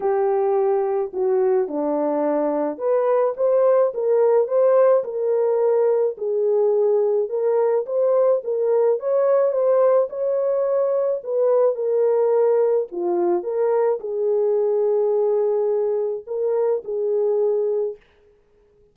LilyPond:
\new Staff \with { instrumentName = "horn" } { \time 4/4 \tempo 4 = 107 g'2 fis'4 d'4~ | d'4 b'4 c''4 ais'4 | c''4 ais'2 gis'4~ | gis'4 ais'4 c''4 ais'4 |
cis''4 c''4 cis''2 | b'4 ais'2 f'4 | ais'4 gis'2.~ | gis'4 ais'4 gis'2 | }